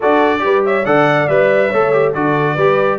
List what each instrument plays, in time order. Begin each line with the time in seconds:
0.00 tuba D4, trombone F#4, horn A4, trumpet D5
0.39 tuba G3, trombone G4, horn B4
0.65 horn C#5, trumpet E5
0.85 tuba D3, trombone A4, horn D5, trumpet F#5
1.27 tuba G3, trombone B4, trumpet E5
1.69 tuba A3, trombone A4, horn C#5
1.92 trombone G4
2.13 tuba D3, trombone F#4, horn A4, trumpet D5
2.54 tuba G3, trombone G4, horn B4